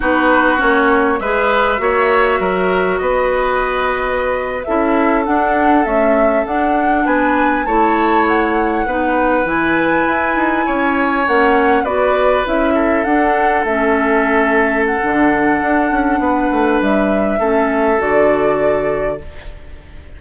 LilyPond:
<<
  \new Staff \with { instrumentName = "flute" } { \time 4/4 \tempo 4 = 100 b'4 cis''4 e''2~ | e''4 dis''2~ dis''8. e''16~ | e''8. fis''4 e''4 fis''4 gis''16~ | gis''8. a''4 fis''2 gis''16~ |
gis''2~ gis''8. fis''4 d''16~ | d''8. e''4 fis''4 e''4~ e''16~ | e''8. fis''2.~ fis''16 | e''2 d''2 | }
  \new Staff \with { instrumentName = "oboe" } { \time 4/4 fis'2 b'4 cis''4 | ais'4 b'2~ b'8. a'16~ | a'2.~ a'8. b'16~ | b'8. cis''2 b'4~ b'16~ |
b'4.~ b'16 cis''2 b'16~ | b'4~ b'16 a'2~ a'8.~ | a'2. b'4~ | b'4 a'2. | }
  \new Staff \with { instrumentName = "clarinet" } { \time 4/4 dis'4 cis'4 gis'4 fis'4~ | fis'2.~ fis'8. e'16~ | e'8. d'4 a4 d'4~ d'16~ | d'8. e'2 dis'4 e'16~ |
e'2~ e'8. cis'4 fis'16~ | fis'8. e'4 d'4 cis'4~ cis'16~ | cis'4 d'2.~ | d'4 cis'4 fis'2 | }
  \new Staff \with { instrumentName = "bassoon" } { \time 4/4 b4 ais4 gis4 ais4 | fis4 b2~ b8. cis'16~ | cis'8. d'4 cis'4 d'4 b16~ | b8. a2 b4 e16~ |
e8. e'8 dis'8 cis'4 ais4 b16~ | b8. cis'4 d'4 a4~ a16~ | a4 d4 d'8 cis'8 b8 a8 | g4 a4 d2 | }
>>